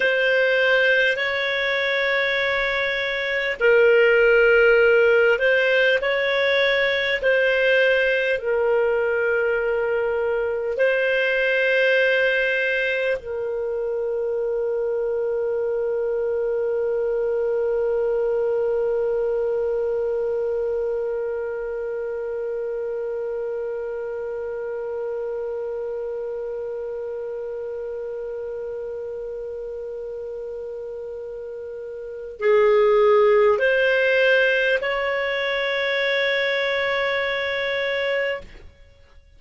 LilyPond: \new Staff \with { instrumentName = "clarinet" } { \time 4/4 \tempo 4 = 50 c''4 cis''2 ais'4~ | ais'8 c''8 cis''4 c''4 ais'4~ | ais'4 c''2 ais'4~ | ais'1~ |
ais'1~ | ais'1~ | ais'2. gis'4 | c''4 cis''2. | }